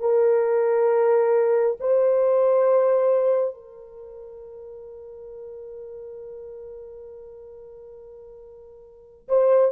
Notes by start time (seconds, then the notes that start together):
0.00 A#4
1.80 C5
3.54 A#4
9.28 C5